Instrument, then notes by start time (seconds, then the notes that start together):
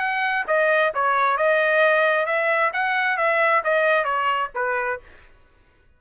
trumpet
0.00 F#5
0.48 D#5
0.95 C#5
1.38 D#5
2.26 E5
2.74 F#5
3.18 E5
3.65 D#5
4.05 C#5
4.55 B4